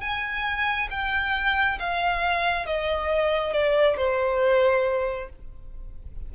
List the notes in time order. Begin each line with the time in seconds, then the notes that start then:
0.00 G#5
0.90 G5
1.79 F5
2.66 D#5
3.53 D5
3.97 C5